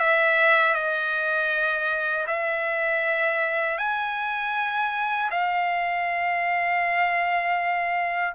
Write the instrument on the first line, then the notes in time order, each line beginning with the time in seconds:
trumpet
0.00 E5
0.74 D#5
2.27 E5
3.78 G#5
5.31 F5